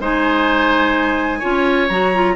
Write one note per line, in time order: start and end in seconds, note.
0.00 1.42 G#3
0.00 1.42 D#4
0.00 1.39 C5
0.00 1.89 G#5
1.39 1.90 C#4
1.39 1.89 F4
1.39 2.33 C#5
1.89 2.36 F#3
1.89 2.14 F#4
1.89 2.36 A#5
2.14 2.36 F4